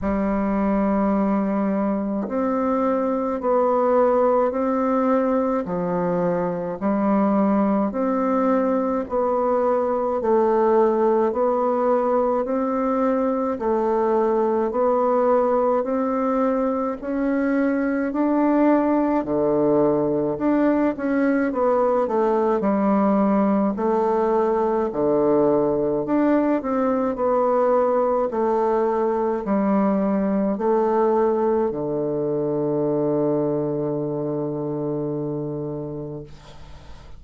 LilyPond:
\new Staff \with { instrumentName = "bassoon" } { \time 4/4 \tempo 4 = 53 g2 c'4 b4 | c'4 f4 g4 c'4 | b4 a4 b4 c'4 | a4 b4 c'4 cis'4 |
d'4 d4 d'8 cis'8 b8 a8 | g4 a4 d4 d'8 c'8 | b4 a4 g4 a4 | d1 | }